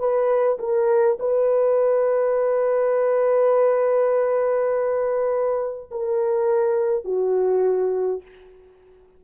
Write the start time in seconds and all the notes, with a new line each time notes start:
0.00 B4
0.60 A#4
1.20 B4
5.91 A#4
7.05 F#4